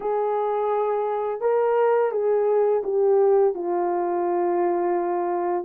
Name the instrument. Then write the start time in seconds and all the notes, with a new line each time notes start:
horn
0.00 G#4
1.41 A#4
2.11 G#4
2.83 G4
3.54 F4